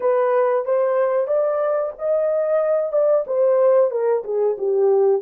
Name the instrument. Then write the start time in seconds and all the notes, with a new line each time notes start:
horn
0.00 B4
0.65 C5
1.27 D5
1.98 D#5
2.92 D5
3.26 C5
3.90 A#4
4.24 G#4
4.57 G4